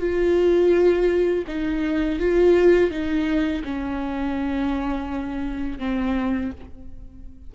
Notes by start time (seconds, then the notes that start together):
0.00 F4
1.48 D#4
2.19 F4
2.90 D#4
3.64 C#4
5.79 C4